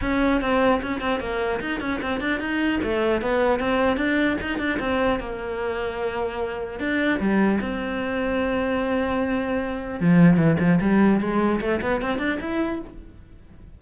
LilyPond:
\new Staff \with { instrumentName = "cello" } { \time 4/4 \tempo 4 = 150 cis'4 c'4 cis'8 c'8 ais4 | dis'8 cis'8 c'8 d'8 dis'4 a4 | b4 c'4 d'4 dis'8 d'8 | c'4 ais2.~ |
ais4 d'4 g4 c'4~ | c'1~ | c'4 f4 e8 f8 g4 | gis4 a8 b8 c'8 d'8 e'4 | }